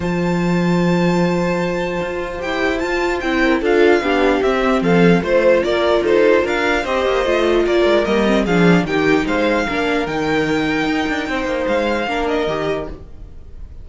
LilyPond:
<<
  \new Staff \with { instrumentName = "violin" } { \time 4/4 \tempo 4 = 149 a''1~ | a''2 g''4 a''4 | g''4 f''2 e''4 | f''4 c''4 d''4 c''4 |
f''4 dis''2 d''4 | dis''4 f''4 g''4 f''4~ | f''4 g''2.~ | g''4 f''4. dis''4. | }
  \new Staff \with { instrumentName = "violin" } { \time 4/4 c''1~ | c''1~ | c''8 ais'8 a'4 g'2 | a'4 c''4 ais'4 a'4 |
ais'4 c''2 ais'4~ | ais'4 gis'4 g'4 c''4 | ais'1 | c''2 ais'2 | }
  \new Staff \with { instrumentName = "viola" } { \time 4/4 f'1~ | f'2 g'4 f'4 | e'4 f'4 d'4 c'4~ | c'4 f'2.~ |
f'4 g'4 f'2 | ais8 c'8 d'4 dis'2 | d'4 dis'2.~ | dis'2 d'4 g'4 | }
  \new Staff \with { instrumentName = "cello" } { \time 4/4 f1~ | f4 f'4 e'4 f'4 | c'4 d'4 b4 c'4 | f4 a4 ais4 dis'4 |
d'4 c'8 ais8 a4 ais8 gis8 | g4 f4 dis4 gis4 | ais4 dis2 dis'8 d'8 | c'8 ais8 gis4 ais4 dis4 | }
>>